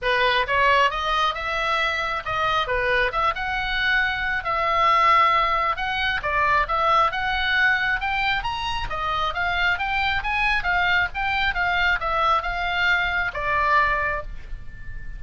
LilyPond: \new Staff \with { instrumentName = "oboe" } { \time 4/4 \tempo 4 = 135 b'4 cis''4 dis''4 e''4~ | e''4 dis''4 b'4 e''8 fis''8~ | fis''2 e''2~ | e''4 fis''4 d''4 e''4 |
fis''2 g''4 ais''4 | dis''4 f''4 g''4 gis''4 | f''4 g''4 f''4 e''4 | f''2 d''2 | }